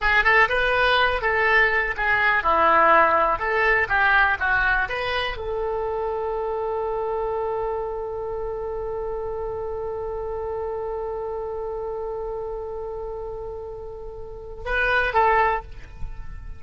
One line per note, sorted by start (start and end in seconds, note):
0.01 0.24 G#4
0.24 0.48 A4
0.49 1.21 B4
1.21 1.94 A4
1.96 2.43 G#4
2.43 3.39 E4
3.39 3.87 A4
3.88 4.37 G4
4.39 4.88 F#4
4.88 5.37 B4
5.37 14.64 A4
14.65 15.13 B4
15.13 15.62 A4